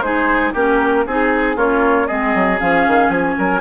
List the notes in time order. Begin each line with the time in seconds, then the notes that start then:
0.00 G#3 D#4 G#4 C5
0.53 A#3 C#4 G4 A#4
1.06 C4 D#4 G#4
1.56 A#3 C#4 F4 C#5
2.07 G#3 C4 G#4 D#5
2.34 F#3
2.58 F3 C#4 F5
2.87 D#3
3.09 F3 G#5
3.38 F#3 A#4